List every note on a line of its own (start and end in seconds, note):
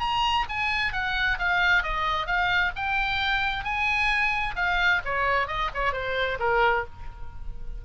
0.00 0.45 A#5
0.49 0.93 G#5
0.93 1.38 F#5
1.39 1.83 F5
1.83 2.27 D#5
2.27 2.72 F5
2.76 3.64 G5
3.64 4.55 G#5
4.56 5.01 F5
5.05 5.48 C#5
5.48 5.70 D#5
5.74 5.93 C#5
5.93 6.38 C5
6.40 6.85 A#4